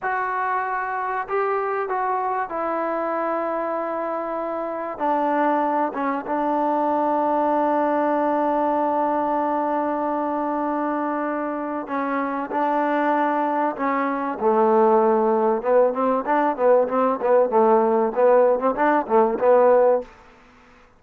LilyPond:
\new Staff \with { instrumentName = "trombone" } { \time 4/4 \tempo 4 = 96 fis'2 g'4 fis'4 | e'1 | d'4. cis'8 d'2~ | d'1~ |
d'2. cis'4 | d'2 cis'4 a4~ | a4 b8 c'8 d'8 b8 c'8 b8 | a4 b8. c'16 d'8 a8 b4 | }